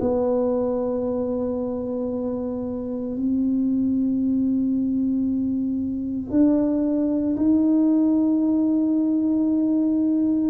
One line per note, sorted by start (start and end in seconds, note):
0.00 3.16 B3
3.16 6.31 C4
6.31 7.36 D4
7.36 10.50 D#4